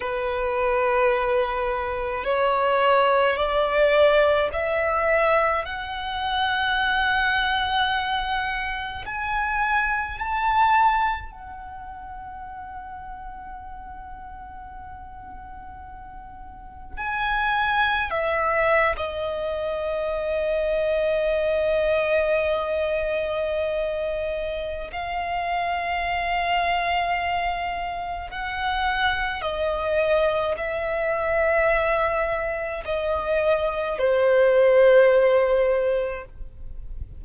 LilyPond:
\new Staff \with { instrumentName = "violin" } { \time 4/4 \tempo 4 = 53 b'2 cis''4 d''4 | e''4 fis''2. | gis''4 a''4 fis''2~ | fis''2. gis''4 |
e''8. dis''2.~ dis''16~ | dis''2 f''2~ | f''4 fis''4 dis''4 e''4~ | e''4 dis''4 c''2 | }